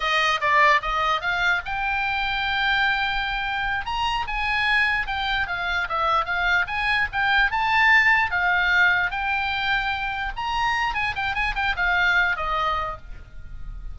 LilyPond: \new Staff \with { instrumentName = "oboe" } { \time 4/4 \tempo 4 = 148 dis''4 d''4 dis''4 f''4 | g''1~ | g''4. ais''4 gis''4.~ | gis''8 g''4 f''4 e''4 f''8~ |
f''8 gis''4 g''4 a''4.~ | a''8 f''2 g''4.~ | g''4. ais''4. gis''8 g''8 | gis''8 g''8 f''4. dis''4. | }